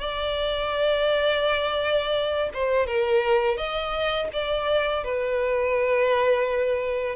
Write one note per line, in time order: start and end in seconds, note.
0.00 2.50 D5
2.54 2.87 C5
2.87 3.57 A#4
3.57 4.29 D#5
4.33 5.04 D5
5.04 7.16 B4